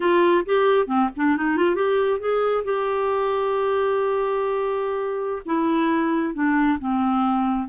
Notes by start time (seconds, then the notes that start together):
0.00 F4
0.45 G4
0.87 C4
1.16 D4
1.36 D#4
1.57 F4
1.75 G4
2.19 G#4
2.64 G4
5.45 E4
6.34 D4
6.79 C4